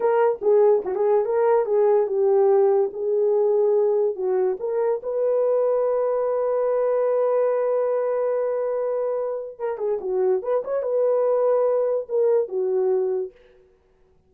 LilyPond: \new Staff \with { instrumentName = "horn" } { \time 4/4 \tempo 4 = 144 ais'4 gis'4 fis'16 gis'8. ais'4 | gis'4 g'2 gis'4~ | gis'2 fis'4 ais'4 | b'1~ |
b'1~ | b'2. ais'8 gis'8 | fis'4 b'8 cis''8 b'2~ | b'4 ais'4 fis'2 | }